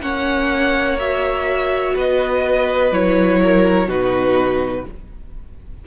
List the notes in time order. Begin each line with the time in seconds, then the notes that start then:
0.00 A#3 C#4 C#5 F#5
0.99 F#4 E5
1.94 B3 B4 D#5
2.91 F#3 E4 C#5
3.43 A#4
3.87 B2 D#4 F#4 B4